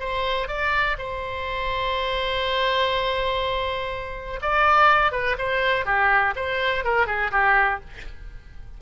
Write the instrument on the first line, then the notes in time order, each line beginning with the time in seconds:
oboe
0.00 C5
0.48 D5
0.98 C5
4.42 D5
5.12 B4
5.38 C5
5.86 G4
6.36 C5
6.84 A#4
7.07 G#4
7.32 G4